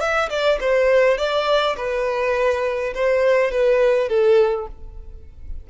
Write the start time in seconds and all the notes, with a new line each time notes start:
0.00 E5
0.30 D5
0.61 C5
1.18 D5
1.77 B4
2.95 C5
3.52 B4
4.09 A4